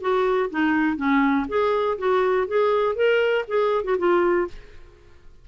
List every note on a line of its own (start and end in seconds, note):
0.00 0.50 F#4
0.50 0.96 D#4
0.96 1.46 C#4
1.48 1.98 G#4
1.98 2.47 F#4
2.47 2.95 G#4
2.95 3.45 A#4
3.48 3.84 G#4
3.84 3.96 F#4
3.98 4.48 F4